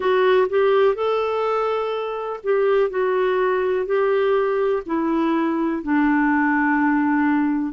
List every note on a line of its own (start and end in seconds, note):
0.00 0.48 F#4
0.49 0.94 G4
0.94 2.39 A4
2.43 2.89 G4
2.89 3.86 F#4
3.86 4.83 G4
4.86 5.82 E4
5.82 7.72 D4